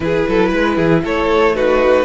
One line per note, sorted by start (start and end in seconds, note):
0.00 0.24 E3
0.00 1.54 E4
0.00 0.29 G#4
0.00 1.03 B4
0.28 0.51 F#3
0.28 0.48 A4
0.48 0.77 G#3
0.48 0.74 B4
0.75 1.03 E3
0.75 1.01 G#4
1.04 2.05 A3
1.04 1.55 A4
1.04 1.55 C#5
1.54 2.05 D#4
1.54 2.05 F#4
1.54 2.05 B4